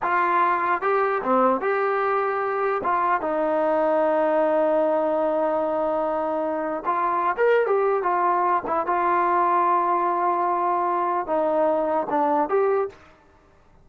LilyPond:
\new Staff \with { instrumentName = "trombone" } { \time 4/4 \tempo 4 = 149 f'2 g'4 c'4 | g'2. f'4 | dis'1~ | dis'1~ |
dis'4 f'4~ f'16 ais'8. g'4 | f'4. e'8 f'2~ | f'1 | dis'2 d'4 g'4 | }